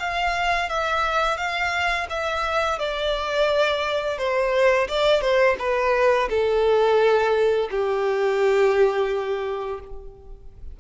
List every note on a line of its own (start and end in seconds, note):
0.00 0.69 F5
0.69 1.38 E5
1.38 2.07 F5
2.10 2.79 E5
2.79 4.18 D5
4.18 4.88 C5
4.89 5.22 D5
5.22 5.57 C5
5.59 6.29 B4
6.30 7.70 A4
7.71 9.81 G4